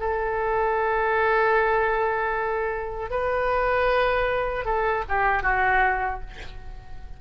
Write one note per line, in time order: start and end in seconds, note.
0.00 3.11 A4
3.11 4.65 B4
4.65 5.04 A4
5.09 5.43 G4
5.43 6.21 F#4